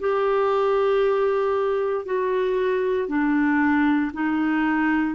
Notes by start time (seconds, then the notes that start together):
0.00 G4
2.05 F#4
3.08 D4
4.13 D#4